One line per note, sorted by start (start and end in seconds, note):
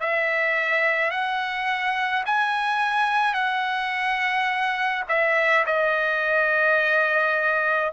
0.00 1.11 E5
1.11 2.24 F#5
2.25 3.33 G#5
3.33 5.03 F#5
5.08 5.65 E5
5.66 7.92 D#5